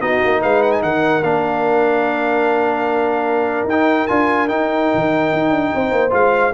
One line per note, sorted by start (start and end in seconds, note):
0.00 0.20 B3
0.00 1.23 D#4
0.00 0.41 F#4
0.00 0.41 D#5
0.24 0.43 A#3
0.41 0.82 G#3
0.41 0.82 B4
0.41 0.62 F5
0.62 0.71 F#5
0.71 0.81 G#5
0.82 1.22 D#3
0.82 5.73 A#4
0.82 1.22 F#5
1.22 3.63 A#3
1.22 3.68 D4
1.22 3.67 F5
3.63 4.04 D#4
3.63 4.07 G5
3.71 4.08 D#4
4.07 4.50 D4
4.07 4.48 F4
4.07 4.48 G#5
4.48 6.10 D#4
4.48 4.91 D#4
4.48 6.11 G5
4.94 5.32 D#3
5.32 5.49 D#4
5.49 5.70 D4
5.74 5.91 C4
5.74 6.53 C5
5.91 6.11 A#3
6.10 6.53 G#3
6.10 6.51 F4
6.10 6.53 F5